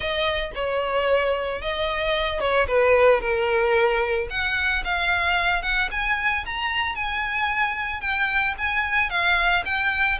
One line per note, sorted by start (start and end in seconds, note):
0.00 0.51 D#5
0.55 1.61 C#5
1.61 2.40 D#5
2.40 2.66 C#5
2.67 3.20 B4
3.20 4.28 A#4
4.30 4.83 F#5
4.84 5.62 F5
5.62 5.89 F#5
5.91 6.44 G#5
6.45 6.95 A#5
6.95 8.01 G#5
8.01 8.54 G5
8.58 9.09 G#5
9.09 9.63 F5
9.65 10.18 G5